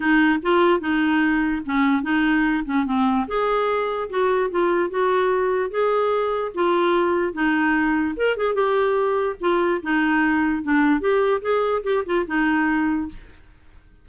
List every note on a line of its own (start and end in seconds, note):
0.00 0.39 D#4
0.42 0.80 F4
0.80 1.62 D#4
1.65 2.02 C#4
2.02 2.64 D#4
2.65 2.85 C#4
2.85 3.26 C4
3.27 4.09 G#4
4.09 4.50 F#4
4.50 4.90 F4
4.90 5.70 F#4
5.70 6.52 G#4
6.54 7.33 F4
7.33 8.14 D#4
8.16 8.36 A#4
8.36 8.54 G#4
8.54 9.35 G4
9.40 9.81 F4
9.82 10.63 D#4
10.63 11.00 D4
11.00 11.41 G4
11.41 11.82 G#4
11.83 12.03 G4
12.05 12.25 F4
12.27 13.08 D#4